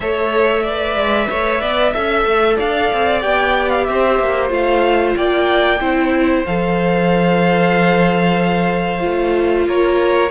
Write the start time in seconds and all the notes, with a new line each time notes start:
0.00 A3 A4 C#5 E5
0.63 B4 D5
0.95 G#3
1.29 A3 C#5
1.61 B3 D5
1.92 C#4 A4 E5
2.25 A3
2.56 D4 D5 F5
2.92 C4
3.21 B3 G4 G5
3.69 F5
3.84 C4 C5 E5
4.19 A#3
4.49 A3 F4 F5
5.16 A#3 D5 G5
5.79 C4 E4 C5
6.45 F3 A4 F5
8.99 A3 F4
9.66 A#3 A#4 C#5